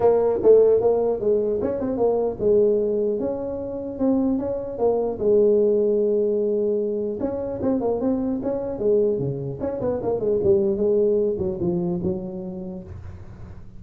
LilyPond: \new Staff \with { instrumentName = "tuba" } { \time 4/4 \tempo 4 = 150 ais4 a4 ais4 gis4 | cis'8 c'8 ais4 gis2 | cis'2 c'4 cis'4 | ais4 gis2.~ |
gis2 cis'4 c'8 ais8 | c'4 cis'4 gis4 cis4 | cis'8 b8 ais8 gis8 g4 gis4~ | gis8 fis8 f4 fis2 | }